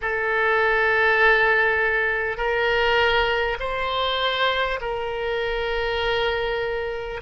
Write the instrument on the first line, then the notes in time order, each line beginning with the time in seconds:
oboe
0.01 A4
2.37 A#4
3.59 C5
4.81 A#4